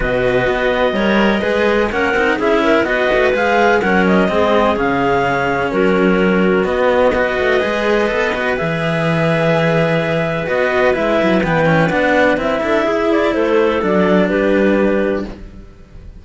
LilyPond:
<<
  \new Staff \with { instrumentName = "clarinet" } { \time 4/4 \tempo 4 = 126 dis''1 | fis''4 e''4 dis''4 f''4 | fis''8 dis''4. f''2 | ais'2 dis''2~ |
dis''2 e''2~ | e''2 dis''4 e''4 | g''4 fis''4 e''4. d''8 | c''4 d''4 b'2 | }
  \new Staff \with { instrumentName = "clarinet" } { \time 4/4 b'2 cis''4 b'4 | ais'4 gis'8 ais'8 b'2 | ais'4 gis'2. | fis'2. b'4~ |
b'1~ | b'1~ | b'2~ b'8 a'8 gis'4 | a'2 g'2 | }
  \new Staff \with { instrumentName = "cello" } { \time 4/4 fis'2 ais'4 gis'4 | cis'8 dis'8 e'4 fis'4 gis'4 | cis'4 c'4 cis'2~ | cis'2 b4 fis'4 |
gis'4 a'8 fis'8 gis'2~ | gis'2 fis'4 e'4 | b8 cis'8 d'4 e'2~ | e'4 d'2. | }
  \new Staff \with { instrumentName = "cello" } { \time 4/4 b,4 b4 g4 gis4 | ais8 c'8 cis'4 b8 a8 gis4 | fis4 gis4 cis2 | fis2 b4. a8 |
gis4 b4 e2~ | e2 b4 gis8 fis8 | e4 b4 c'8 d'8 e'4 | a4 fis4 g2 | }
>>